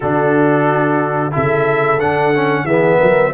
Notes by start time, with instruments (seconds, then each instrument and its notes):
0.00 tuba D3, trombone D4, horn F#4, trumpet A4
1.31 tuba C#3, trombone E4, horn A4, trumpet E5
2.00 tuba D3, trombone D4, trumpet F#5
2.34 trombone C#4
2.64 tuba E3, trombone B3, horn G#4, trumpet E5
2.98 tuba F#3, horn A#4